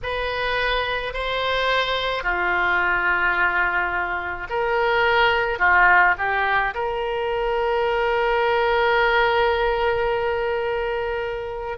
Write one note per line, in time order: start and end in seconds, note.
0.02 1.13 B4
1.13 2.23 C5
2.23 4.47 F4
4.49 5.58 A#4
5.58 6.14 F4
6.17 6.73 G4
6.74 11.78 A#4